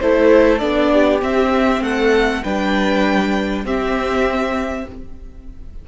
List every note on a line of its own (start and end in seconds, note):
0.00 0.62 A3
0.00 0.60 E4
0.00 0.92 A4
0.00 0.59 C5
0.59 1.22 B3
0.59 1.21 D4
0.59 1.19 D5
0.92 1.83 G4
1.22 1.81 C4
1.22 2.43 C4
1.22 1.83 E5
1.81 2.42 A3
1.81 2.43 A4
1.81 2.44 F#5
2.43 3.64 G3
2.43 3.65 D4
2.43 3.64 B4
2.43 3.65 G5
3.64 4.86 C4
3.64 4.87 C4
3.64 4.85 G4
3.64 4.88 E5